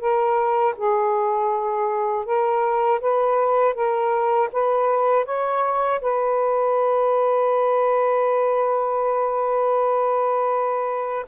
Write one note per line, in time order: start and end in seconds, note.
0.00 0.75 A#4
0.77 2.25 G#4
2.25 3.00 A#4
3.01 3.74 B4
3.74 4.49 A#4
4.52 5.25 B4
5.25 6.00 C#5
6.01 11.26 B4